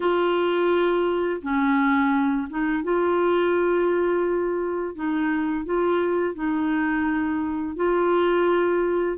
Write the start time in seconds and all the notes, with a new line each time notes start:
0.00 F4
1.42 C#4
2.49 D#4
2.83 F4
4.95 D#4
5.65 F4
6.34 D#4
7.76 F4